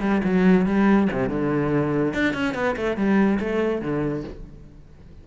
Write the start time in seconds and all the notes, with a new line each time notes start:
0.00 G3
0.24 F#3
0.66 G3
1.12 C3
1.29 D3
2.13 D4
2.33 C#4
2.54 B3
2.76 A3
2.96 G3
3.39 A3
3.81 D3